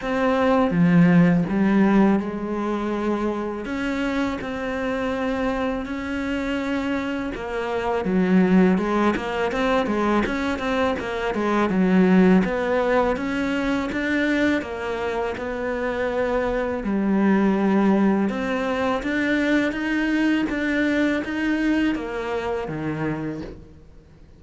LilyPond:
\new Staff \with { instrumentName = "cello" } { \time 4/4 \tempo 4 = 82 c'4 f4 g4 gis4~ | gis4 cis'4 c'2 | cis'2 ais4 fis4 | gis8 ais8 c'8 gis8 cis'8 c'8 ais8 gis8 |
fis4 b4 cis'4 d'4 | ais4 b2 g4~ | g4 c'4 d'4 dis'4 | d'4 dis'4 ais4 dis4 | }